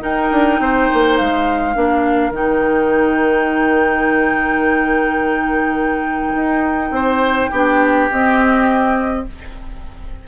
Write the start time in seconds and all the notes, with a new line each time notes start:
0.00 D#4 A#4 G5
0.31 D4
0.60 C4 C5
0.93 A#3
1.17 G#3 F5
1.74 A#3 D4 A#4
2.31 D#3 D#4 G5
6.35 D#4
6.91 C4 C5
7.51 B3 D4 G4
8.10 C4 D#5